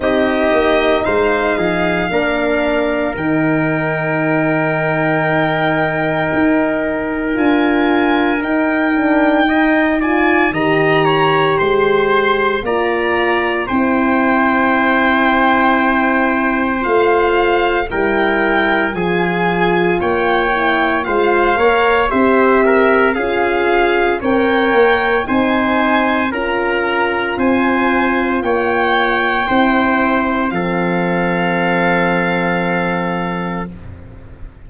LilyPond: <<
  \new Staff \with { instrumentName = "violin" } { \time 4/4 \tempo 4 = 57 dis''4 f''2 g''4~ | g''2. gis''4 | g''4. gis''8 ais''4 c'''4 | ais''4 g''2. |
f''4 g''4 gis''4 g''4 | f''4 e''4 f''4 g''4 | gis''4 ais''4 gis''4 g''4~ | g''4 f''2. | }
  \new Staff \with { instrumentName = "trumpet" } { \time 4/4 g'4 c''8 gis'8 ais'2~ | ais'1~ | ais'4 dis''8 d''8 dis''8 cis''8 c''4 | d''4 c''2.~ |
c''4 ais'4 gis'4 cis''4 | c''8 cis''8 c''8 ais'8 gis'4 cis''4 | c''4 ais'4 c''4 cis''4 | c''4 a'2. | }
  \new Staff \with { instrumentName = "horn" } { \time 4/4 dis'2 d'4 dis'4~ | dis'2. f'4 | dis'8 d'8 dis'8 f'8 g'2 | f'4 e'2. |
f'4 e'4 f'4. e'8 | f'8 ais'8 g'4 f'4 ais'4 | dis'4 f'2. | e'4 c'2. | }
  \new Staff \with { instrumentName = "tuba" } { \time 4/4 c'8 ais8 gis8 f8 ais4 dis4~ | dis2 dis'4 d'4 | dis'2 dis4 gis4 | ais4 c'2. |
a4 g4 f4 ais4 | gis8 ais8 c'4 cis'4 c'8 ais8 | c'4 cis'4 c'4 ais4 | c'4 f2. | }
>>